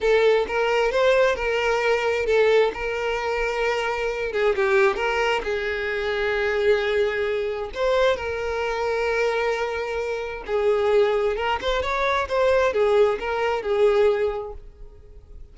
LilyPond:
\new Staff \with { instrumentName = "violin" } { \time 4/4 \tempo 4 = 132 a'4 ais'4 c''4 ais'4~ | ais'4 a'4 ais'2~ | ais'4. gis'8 g'4 ais'4 | gis'1~ |
gis'4 c''4 ais'2~ | ais'2. gis'4~ | gis'4 ais'8 c''8 cis''4 c''4 | gis'4 ais'4 gis'2 | }